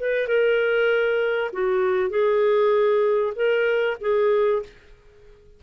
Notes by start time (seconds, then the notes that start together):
0.00 B4
0.27 A#4
1.53 F#4
2.10 G#4
3.35 A#4
4.01 G#4